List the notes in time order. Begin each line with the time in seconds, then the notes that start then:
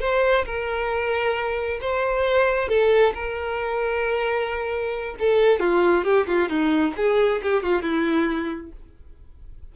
0.00 C5
0.45 A#4
1.81 C5
2.68 A4
3.14 A#4
5.19 A4
5.60 F4
6.04 G4
6.27 F4
6.49 D#4
6.96 G#4
7.43 G4
7.63 F4
7.82 E4